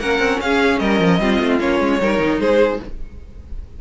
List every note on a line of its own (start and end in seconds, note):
0.00 0.19 A#3
0.00 1.21 C#4
0.00 0.41 A#4
0.00 0.40 F#5
0.19 0.39 C4
0.41 0.80 C#4
0.41 0.81 G#4
0.41 0.79 F5
0.79 1.00 G3
0.79 1.21 A#4
0.79 1.59 D#5
1.00 1.19 F3
1.19 1.39 G3
1.19 1.60 C4
1.19 2.01 F4
1.41 1.60 A3
1.60 1.80 A#3
1.60 2.00 C#4
1.60 2.40 C#5
1.80 2.00 G#3
2.01 2.19 G3
2.01 2.81 D#4
2.01 2.41 A#4
2.19 2.39 D#3
2.39 2.79 G#3
2.39 2.81 G#4
2.39 2.80 C5